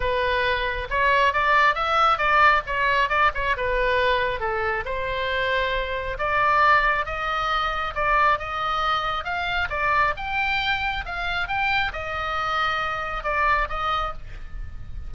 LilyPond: \new Staff \with { instrumentName = "oboe" } { \time 4/4 \tempo 4 = 136 b'2 cis''4 d''4 | e''4 d''4 cis''4 d''8 cis''8 | b'2 a'4 c''4~ | c''2 d''2 |
dis''2 d''4 dis''4~ | dis''4 f''4 d''4 g''4~ | g''4 f''4 g''4 dis''4~ | dis''2 d''4 dis''4 | }